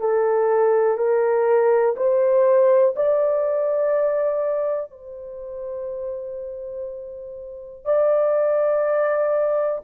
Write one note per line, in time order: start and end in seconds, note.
0.00 0.97 A4
0.97 1.95 A#4
1.96 2.95 C5
2.96 4.90 D5
4.90 7.85 C5
7.85 9.81 D5